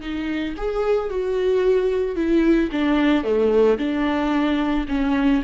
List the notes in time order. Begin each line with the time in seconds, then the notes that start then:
0.00 D#4
0.57 G#4
1.10 F#4
2.15 E4
2.71 D4
3.23 A3
3.78 D4
4.88 C#4